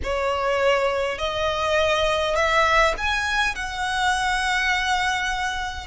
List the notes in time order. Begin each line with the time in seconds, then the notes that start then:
0.03 C#5
1.18 D#5
2.35 E5
2.97 G#5
3.55 F#5